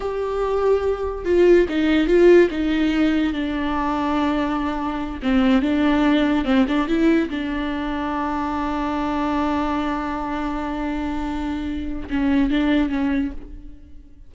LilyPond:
\new Staff \with { instrumentName = "viola" } { \time 4/4 \tempo 4 = 144 g'2. f'4 | dis'4 f'4 dis'2 | d'1~ | d'8 c'4 d'2 c'8 |
d'8 e'4 d'2~ d'8~ | d'1~ | d'1~ | d'4 cis'4 d'4 cis'4 | }